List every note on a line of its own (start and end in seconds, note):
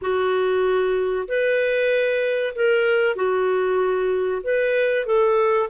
0.01 1.27 F#4
1.28 2.54 B4
2.55 3.15 A#4
3.15 4.42 F#4
4.43 5.06 B4
5.06 5.69 A4